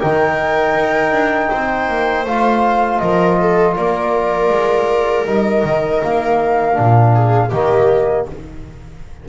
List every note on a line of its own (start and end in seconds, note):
0.00 0.76 D#3
0.00 2.27 D#4
0.00 1.50 A#4
0.00 2.26 G5
0.76 1.12 D#4
1.12 1.50 D4
1.50 1.89 C4
1.50 3.00 C5
1.89 2.25 A#3
2.25 3.00 A3
2.25 5.26 F4
2.25 2.99 F5
2.99 3.77 F3
2.99 3.40 A#4
2.99 3.74 D#5
3.40 3.78 A4
3.77 4.50 A#3
3.77 7.15 A#4
3.77 5.27 D5
4.50 5.25 G#3
5.26 5.64 G3
5.26 6.74 D#4
5.26 6.03 D#5
5.64 6.02 D#3
6.03 6.79 A#3
6.03 7.51 F5
6.74 7.53 A#2
6.74 7.49 D4
7.15 7.50 G#4
7.50 8.28 D#3
7.50 8.29 A#3
7.50 8.25 G4
7.50 8.26 D#5